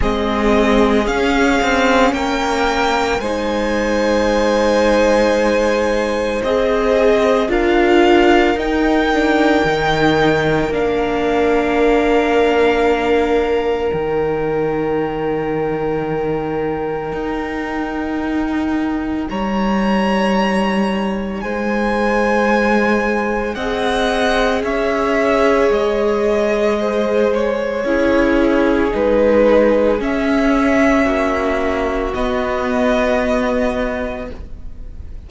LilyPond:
<<
  \new Staff \with { instrumentName = "violin" } { \time 4/4 \tempo 4 = 56 dis''4 f''4 g''4 gis''4~ | gis''2 dis''4 f''4 | g''2 f''2~ | f''4 g''2.~ |
g''2 ais''2 | gis''2 fis''4 e''4 | dis''4. cis''4. b'4 | e''2 dis''2 | }
  \new Staff \with { instrumentName = "violin" } { \time 4/4 gis'2 ais'4 c''4~ | c''2. ais'4~ | ais'1~ | ais'1~ |
ais'2 cis''2 | c''2 dis''4 cis''4~ | cis''4 c''4 gis'2~ | gis'4 fis'2. | }
  \new Staff \with { instrumentName = "viola" } { \time 4/4 c'4 cis'2 dis'4~ | dis'2 gis'4 f'4 | dis'8 d'8 dis'4 d'2~ | d'4 dis'2.~ |
dis'1~ | dis'2 gis'2~ | gis'2 e'4 dis'4 | cis'2 b2 | }
  \new Staff \with { instrumentName = "cello" } { \time 4/4 gis4 cis'8 c'8 ais4 gis4~ | gis2 c'4 d'4 | dis'4 dis4 ais2~ | ais4 dis2. |
dis'2 g2 | gis2 c'4 cis'4 | gis2 cis'4 gis4 | cis'4 ais4 b2 | }
>>